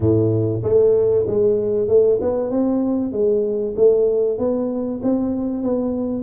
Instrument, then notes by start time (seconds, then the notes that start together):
tuba
0.00 A2
0.63 A3
1.27 G#3
1.88 A3
2.21 B3
2.50 C4
3.11 G#3
3.76 A3
4.38 B3
5.02 C4
5.62 B3